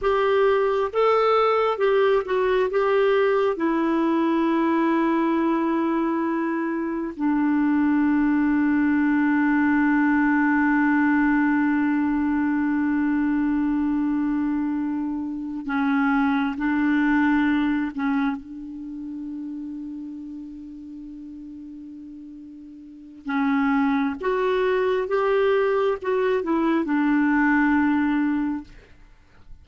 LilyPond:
\new Staff \with { instrumentName = "clarinet" } { \time 4/4 \tempo 4 = 67 g'4 a'4 g'8 fis'8 g'4 | e'1 | d'1~ | d'1~ |
d'4. cis'4 d'4. | cis'8 d'2.~ d'8~ | d'2 cis'4 fis'4 | g'4 fis'8 e'8 d'2 | }